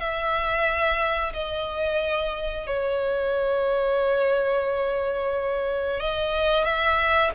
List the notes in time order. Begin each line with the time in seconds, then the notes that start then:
0.00 E5
1.34 D#5
2.67 C#5
6.00 D#5
6.65 E5